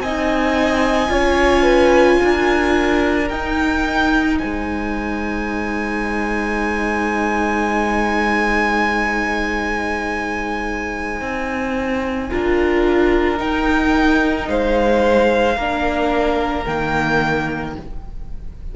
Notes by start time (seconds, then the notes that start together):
0.00 C4 D#4 D#5 G#5
1.08 C#4 F4 C#5
1.63 B4
2.23 D4 A#4
3.29 D#4 G5
4.39 G#3 C5 G#5
11.21 C4
12.30 D4 F4 A#4
13.37 D#4 G5
14.48 G#3 C5 F5
15.57 A#3 D4 A#4
16.66 D#3 A#3 G5